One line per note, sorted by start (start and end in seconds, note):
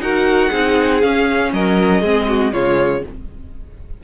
0.00 0.50 D#4
0.00 0.51 F#4
0.00 0.50 A#4
0.00 1.01 F#5
0.50 1.03 C4
0.50 1.02 D#4
0.50 1.51 G#4
1.01 2.04 C#4
1.01 1.53 C#4
1.01 1.52 F5
1.53 2.02 F#3
1.53 2.01 A#4
1.53 2.53 D#5
2.01 2.53 G#3
2.01 2.53 C4
2.01 2.26 G#4
2.28 2.53 F#4
2.53 3.03 C#3
2.53 3.03 G#3
2.53 3.03 F4
2.53 3.04 C#5